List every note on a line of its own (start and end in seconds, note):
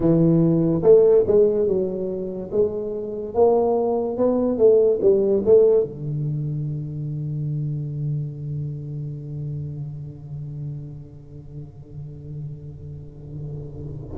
0.00 0.81 E3
0.83 1.24 A3
1.27 1.67 G#3
1.67 2.50 F#3
2.51 3.34 G#3
3.34 4.17 A#3
4.17 4.58 B3
4.58 4.99 A3
5.01 5.43 G3
5.45 5.83 A3
5.83 14.17 D3